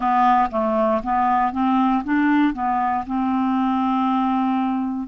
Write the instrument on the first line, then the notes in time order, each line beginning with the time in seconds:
clarinet
0.00 B3
0.50 A3
1.03 B3
1.52 C4
2.03 D4
2.53 B3
3.06 C4